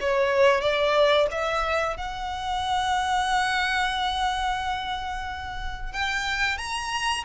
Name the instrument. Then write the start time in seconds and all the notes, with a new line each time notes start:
violin
0.00 C#5
0.61 D5
1.31 E5
1.97 F#5
5.93 G5
6.58 A#5